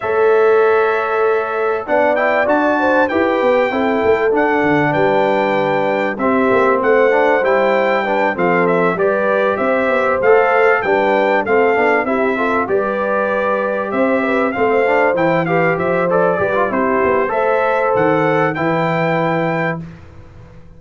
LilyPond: <<
  \new Staff \with { instrumentName = "trumpet" } { \time 4/4 \tempo 4 = 97 e''2. fis''8 g''8 | a''4 g''2 fis''4 | g''2 e''4 fis''4 | g''4. f''8 e''8 d''4 e''8~ |
e''8 f''4 g''4 f''4 e''8~ | e''8 d''2 e''4 f''8~ | f''8 g''8 f''8 e''8 d''4 c''4 | e''4 fis''4 g''2 | }
  \new Staff \with { instrumentName = "horn" } { \time 4/4 cis''2. d''4~ | d''8 c''8 b'4 a'2 | b'2 g'4 c''4~ | c''4 b'8 a'4 b'4 c''8~ |
c''4. b'4 a'4 g'8 | a'8 b'2 c''8 b'8 c''8~ | c''4 b'8 c''4 b'8 g'4 | c''2 b'2 | }
  \new Staff \with { instrumentName = "trombone" } { \time 4/4 a'2. d'8 e'8 | fis'4 g'4 e'4 d'4~ | d'2 c'4. d'8 | e'4 d'8 c'4 g'4.~ |
g'8 a'4 d'4 c'8 d'8 e'8 | f'8 g'2. c'8 | d'8 e'8 g'4 a'8 g'16 f'16 e'4 | a'2 e'2 | }
  \new Staff \with { instrumentName = "tuba" } { \time 4/4 a2. b4 | d'4 e'8 b8 c'8 a8 d'8 d8 | g2 c'8 ais8 a4 | g4. f4 g4 c'8 |
b8 a4 g4 a8 b8 c'8~ | c'8 g2 c'4 a8~ | a8 e4 f4 g8 c'8 b8 | a4 dis4 e2 | }
>>